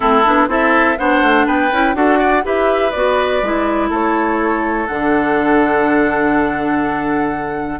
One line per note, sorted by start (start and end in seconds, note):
0.00 0.26 A3
0.00 0.23 C4
0.00 0.48 E4
0.00 0.49 A4
0.25 0.48 B3
0.25 0.48 D4
0.48 0.97 C4
0.48 0.97 E4
0.48 0.98 A4
0.48 0.98 E5
0.97 1.22 B3
0.97 1.71 D4
0.97 1.46 C5
0.97 1.46 F#5
1.22 1.46 A3
1.46 1.71 B3
1.46 1.95 B4
1.46 1.95 G5
1.71 1.95 C#4
1.71 1.94 E4
1.94 2.43 D4
1.94 2.42 F#4
1.94 2.18 A4
1.94 2.44 F#5
2.18 2.43 D5
2.42 2.93 E4
2.42 2.91 G4
2.42 3.89 B4
2.42 2.90 E5
2.90 3.42 B3
2.90 3.43 F#4
2.90 3.88 D5
3.42 3.90 G#3
3.42 4.88 E4
3.89 4.88 A3
3.89 7.79 A4
3.89 4.87 C#5
4.87 7.79 D3
4.87 7.79 D4
4.87 7.79 F#5